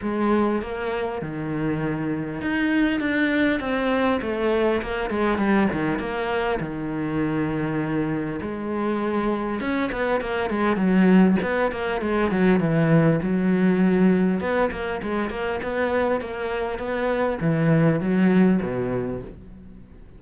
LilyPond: \new Staff \with { instrumentName = "cello" } { \time 4/4 \tempo 4 = 100 gis4 ais4 dis2 | dis'4 d'4 c'4 a4 | ais8 gis8 g8 dis8 ais4 dis4~ | dis2 gis2 |
cis'8 b8 ais8 gis8 fis4 b8 ais8 | gis8 fis8 e4 fis2 | b8 ais8 gis8 ais8 b4 ais4 | b4 e4 fis4 b,4 | }